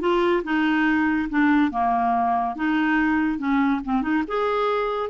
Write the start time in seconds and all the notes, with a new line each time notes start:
0.00 F4
0.44 D#4
1.29 D4
1.71 A#3
2.55 D#4
3.38 C#4
3.84 C4
4.01 D#4
4.27 G#4